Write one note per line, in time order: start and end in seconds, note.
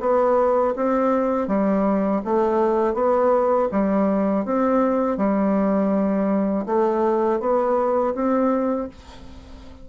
0.00 0.74 B3
0.76 1.47 C4
1.47 2.22 G3
2.25 2.94 A3
2.94 3.68 B3
3.71 4.45 G3
4.45 5.17 C4
5.17 6.65 G3
6.66 7.40 A3
7.40 8.14 B3
8.14 8.88 C4